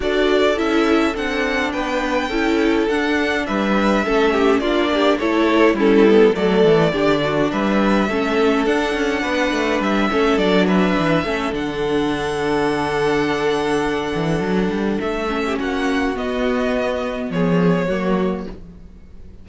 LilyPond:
<<
  \new Staff \with { instrumentName = "violin" } { \time 4/4 \tempo 4 = 104 d''4 e''4 fis''4 g''4~ | g''4 fis''4 e''2 | d''4 cis''4 a'4 d''4~ | d''4 e''2 fis''4~ |
fis''4 e''4 d''8 e''4. | fis''1~ | fis''2 e''4 fis''4 | dis''2 cis''2 | }
  \new Staff \with { instrumentName = "violin" } { \time 4/4 a'2. b'4 | a'2 b'4 a'8 g'8 | f'8 g'8 a'4 e'4 a'4 | g'8 fis'8 b'4 a'2 |
b'4. a'4 b'4 a'8~ | a'1~ | a'2~ a'8. g'16 fis'4~ | fis'2 gis'4 fis'4 | }
  \new Staff \with { instrumentName = "viola" } { \time 4/4 fis'4 e'4 d'2 | e'4 d'2 cis'4 | d'4 e'4 cis'8 b8 a4 | d'2 cis'4 d'4~ |
d'4. cis'8 d'4. cis'8 | d'1~ | d'2~ d'8 cis'4. | b2. ais4 | }
  \new Staff \with { instrumentName = "cello" } { \time 4/4 d'4 cis'4 c'4 b4 | cis'4 d'4 g4 a4 | ais4 a4 g4 fis8 e8 | d4 g4 a4 d'8 cis'8 |
b8 a8 g8 a8 fis4 e8 a8 | d1~ | d8 e8 fis8 g8 a4 ais4 | b2 f4 fis4 | }
>>